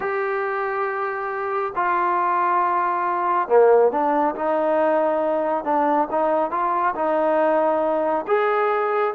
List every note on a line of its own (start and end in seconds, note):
0.00 1.73 G4
1.75 3.48 F4
3.48 3.91 A#3
3.91 4.35 D4
4.35 5.64 D#4
5.64 6.08 D4
6.11 6.51 D#4
6.51 6.94 F4
6.95 8.25 D#4
8.27 9.14 G#4